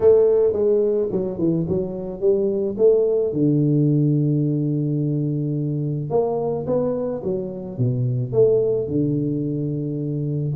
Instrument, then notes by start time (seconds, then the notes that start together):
tuba
0.00 A3
0.52 G#3
1.11 F#3
1.38 E3
1.68 F#3
2.20 G3
2.77 A3
3.32 D3
6.10 A#3
6.66 B3
7.23 F#3
7.78 B2
8.32 A3
8.87 D3